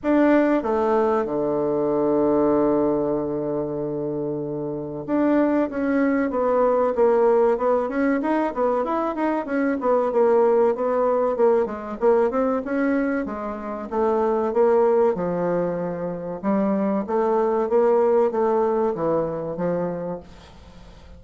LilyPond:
\new Staff \with { instrumentName = "bassoon" } { \time 4/4 \tempo 4 = 95 d'4 a4 d2~ | d1 | d'4 cis'4 b4 ais4 | b8 cis'8 dis'8 b8 e'8 dis'8 cis'8 b8 |
ais4 b4 ais8 gis8 ais8 c'8 | cis'4 gis4 a4 ais4 | f2 g4 a4 | ais4 a4 e4 f4 | }